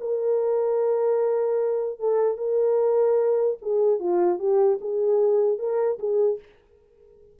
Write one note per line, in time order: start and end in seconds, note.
0.00 1.99 A#4
1.99 2.37 A4
2.37 3.57 A#4
3.61 3.99 G#4
3.99 4.39 F4
4.39 4.79 G4
4.81 5.58 G#4
5.58 5.98 A#4
5.99 6.39 G#4